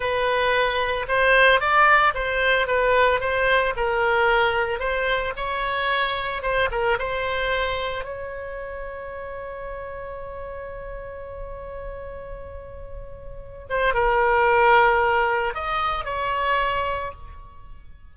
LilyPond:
\new Staff \with { instrumentName = "oboe" } { \time 4/4 \tempo 4 = 112 b'2 c''4 d''4 | c''4 b'4 c''4 ais'4~ | ais'4 c''4 cis''2 | c''8 ais'8 c''2 cis''4~ |
cis''1~ | cis''1~ | cis''4. c''8 ais'2~ | ais'4 dis''4 cis''2 | }